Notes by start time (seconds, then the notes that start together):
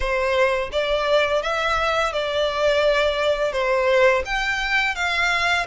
0.00 C5
0.72 D5
1.42 E5
2.12 D5
3.52 C5
4.25 G5
4.95 F5